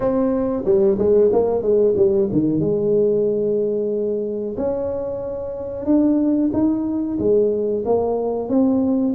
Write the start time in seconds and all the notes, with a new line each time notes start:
0.00 C4
0.65 G3
0.98 G#3
1.32 A#3
1.62 G#3
1.96 G3
2.32 D#3
2.60 G#3
4.57 C#4
5.85 D4
6.53 D#4
7.19 G#3
7.85 A#3
8.48 C4